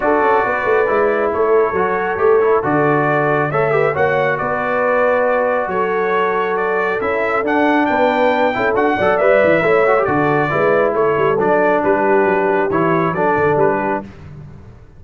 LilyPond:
<<
  \new Staff \with { instrumentName = "trumpet" } { \time 4/4 \tempo 4 = 137 d''2. cis''4~ | cis''2 d''2 | e''4 fis''4 d''2~ | d''4 cis''2 d''4 |
e''4 fis''4 g''2 | fis''4 e''2 d''4~ | d''4 cis''4 d''4 b'4~ | b'4 cis''4 d''4 b'4 | }
  \new Staff \with { instrumentName = "horn" } { \time 4/4 a'4 b'2 a'4~ | a'1 | cis''8 b'8 cis''4 b'2~ | b'4 a'2.~ |
a'2 b'4. a'8~ | a'8 d''4. cis''4 a'4 | b'4 a'2 g'4~ | g'2 a'4. g'8 | }
  \new Staff \with { instrumentName = "trombone" } { \time 4/4 fis'2 e'2 | fis'4 g'8 e'8 fis'2 | a'8 g'8 fis'2.~ | fis'1 |
e'4 d'2~ d'8 e'8 | fis'8 a'8 b'4 e'8 fis'16 g'16 fis'4 | e'2 d'2~ | d'4 e'4 d'2 | }
  \new Staff \with { instrumentName = "tuba" } { \time 4/4 d'8 cis'8 b8 a8 gis4 a4 | fis4 a4 d2 | a4 ais4 b2~ | b4 fis2. |
cis'4 d'4 b4. cis'8 | d'8 fis8 g8 e8 a4 d4 | gis4 a8 g8 fis4 g4 | fis4 e4 fis8 d8 g4 | }
>>